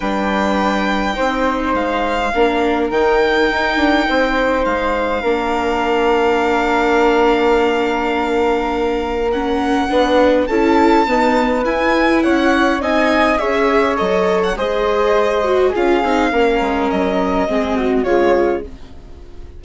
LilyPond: <<
  \new Staff \with { instrumentName = "violin" } { \time 4/4 \tempo 4 = 103 g''2. f''4~ | f''4 g''2. | f''1~ | f''1 |
fis''2 a''2 | gis''4 fis''4 gis''4 e''4 | dis''8. fis''16 dis''2 f''4~ | f''4 dis''2 cis''4 | }
  \new Staff \with { instrumentName = "flute" } { \time 4/4 b'2 c''2 | ais'2. c''4~ | c''4 ais'2.~ | ais'1~ |
ais'4 b'4 a'4 b'4~ | b'4 cis''4 dis''4 cis''4~ | cis''4 c''2 gis'4 | ais'2 gis'8 fis'8 f'4 | }
  \new Staff \with { instrumentName = "viola" } { \time 4/4 d'2 dis'2 | d'4 dis'2.~ | dis'4 d'2.~ | d'1 |
cis'4 d'4 e'4 b4 | e'2 dis'4 gis'4 | a'4 gis'4. fis'8 f'8 dis'8 | cis'2 c'4 gis4 | }
  \new Staff \with { instrumentName = "bassoon" } { \time 4/4 g2 c'4 gis4 | ais4 dis4 dis'8 d'8 c'4 | gis4 ais2.~ | ais1~ |
ais4 b4 cis'4 dis'4 | e'4 cis'4 c'4 cis'4 | fis4 gis2 cis'8 c'8 | ais8 gis8 fis4 gis4 cis4 | }
>>